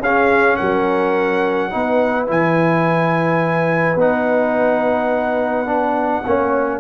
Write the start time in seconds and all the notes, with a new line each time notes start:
0.00 C#4 G#4 F5
0.57 F#3 A#4 F#5
1.71 B3 D#4 B4
2.27 E3 E4 G#5
3.96 B3 D#4 F#5
5.66 D4
6.26 A#3 C#4 C#5